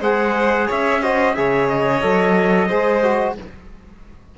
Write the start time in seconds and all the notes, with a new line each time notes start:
0.00 G#3 G#4 C5 F#5
0.67 C#4 C#5 E5
1.01 F#4 C5 D#5
1.34 C#3 G#4 C#5 E5
1.68 D#5
2.01 F#3 A4
2.68 G#3 G#4 C5
3.03 F#4